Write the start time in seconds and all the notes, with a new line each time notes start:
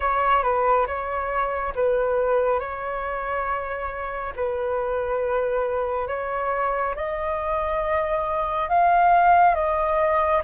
0.00 C#5
0.43 B4
0.86 C#5
1.75 B4
2.59 C#5
4.36 B4
6.07 C#5
6.95 D#5
8.69 F5
9.55 D#5